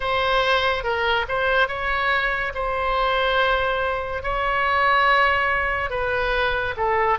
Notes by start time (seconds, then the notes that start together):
0.00 C5
0.83 A#4
1.28 C5
1.68 C#5
2.54 C5
4.23 C#5
5.89 B4
6.76 A4